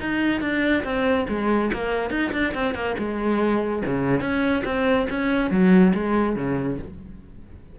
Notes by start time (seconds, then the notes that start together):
0.00 D#4
0.41 D4
0.84 C4
1.29 G#3
1.73 A#3
2.10 D#4
2.32 D4
2.54 C4
2.74 A#3
2.98 G#3
3.86 C#3
4.21 C#4
4.65 C4
5.10 C#4
5.51 F#3
5.94 G#3
6.36 C#3